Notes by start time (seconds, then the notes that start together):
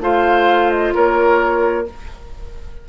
0.00 A3 F4 C5 F5
0.70 D#5
0.94 A#3 A#4 C#5